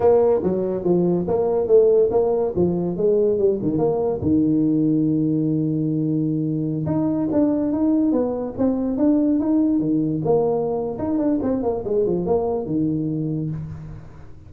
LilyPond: \new Staff \with { instrumentName = "tuba" } { \time 4/4 \tempo 4 = 142 ais4 fis4 f4 ais4 | a4 ais4 f4 gis4 | g8 dis8 ais4 dis2~ | dis1~ |
dis16 dis'4 d'4 dis'4 b8.~ | b16 c'4 d'4 dis'4 dis8.~ | dis16 ais4.~ ais16 dis'8 d'8 c'8 ais8 | gis8 f8 ais4 dis2 | }